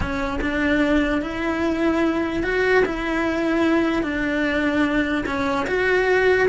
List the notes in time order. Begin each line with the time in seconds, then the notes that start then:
0.00 C#4
0.41 D4
1.21 E4
2.43 F#4
2.85 E4
4.02 D4
5.25 C#4
5.67 F#4